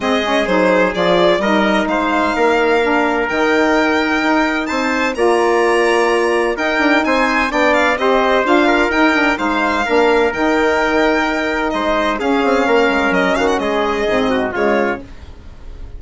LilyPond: <<
  \new Staff \with { instrumentName = "violin" } { \time 4/4 \tempo 4 = 128 dis''4 c''4 d''4 dis''4 | f''2. g''4~ | g''2 a''4 ais''4~ | ais''2 g''4 gis''4 |
g''8 f''8 dis''4 f''4 g''4 | f''2 g''2~ | g''4 dis''4 f''2 | dis''8 f''16 fis''16 dis''2 cis''4 | }
  \new Staff \with { instrumentName = "trumpet" } { \time 4/4 gis'2. ais'4 | c''4 ais'2.~ | ais'2 c''4 d''4~ | d''2 ais'4 c''4 |
d''4 c''4. ais'4. | c''4 ais'2.~ | ais'4 c''4 gis'4 ais'4~ | ais'8 fis'8 gis'4. fis'8 f'4 | }
  \new Staff \with { instrumentName = "saxophone" } { \time 4/4 c'8 cis'8 dis'4 f'4 dis'4~ | dis'2 d'4 dis'4~ | dis'2. f'4~ | f'2 dis'2 |
d'4 g'4 f'4 dis'8 d'8 | dis'4 d'4 dis'2~ | dis'2 cis'2~ | cis'2 c'4 gis4 | }
  \new Staff \with { instrumentName = "bassoon" } { \time 4/4 gis4 fis4 f4 g4 | gis4 ais2 dis4~ | dis4 dis'4 c'4 ais4~ | ais2 dis'8 d'8 c'4 |
b4 c'4 d'4 dis'4 | gis4 ais4 dis2~ | dis4 gis4 cis'8 c'8 ais8 gis8 | fis8 dis8 gis4 gis,4 cis4 | }
>>